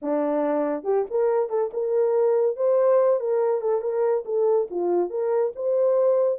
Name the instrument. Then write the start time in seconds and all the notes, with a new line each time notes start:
horn
0.02 D4
0.83 G4
1.10 A#4
1.49 A4
1.73 A#4
2.56 C5
3.19 A#4
3.61 A4
3.81 A#4
4.25 A4
4.70 F4
5.09 A#4
5.55 C5